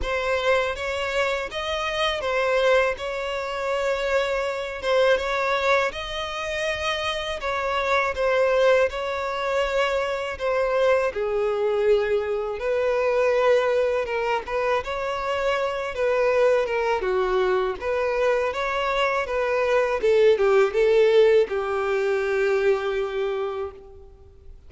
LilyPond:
\new Staff \with { instrumentName = "violin" } { \time 4/4 \tempo 4 = 81 c''4 cis''4 dis''4 c''4 | cis''2~ cis''8 c''8 cis''4 | dis''2 cis''4 c''4 | cis''2 c''4 gis'4~ |
gis'4 b'2 ais'8 b'8 | cis''4. b'4 ais'8 fis'4 | b'4 cis''4 b'4 a'8 g'8 | a'4 g'2. | }